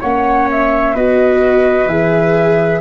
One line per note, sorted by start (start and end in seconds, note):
0.00 0.95 A#3
0.00 0.96 C#4
0.00 0.94 C#5
0.00 0.48 F#5
0.50 0.96 E5
0.94 1.86 B3
0.94 1.88 F#4
0.94 2.81 B4
0.94 1.88 D#5
1.86 2.80 E3
1.86 2.81 G#4
1.86 2.81 E5